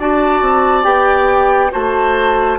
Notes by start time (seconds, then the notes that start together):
0.00 D4 F#4 D5 A5
0.42 C4
0.84 B3 G4 G5
1.71 A3 F#4 C5 A5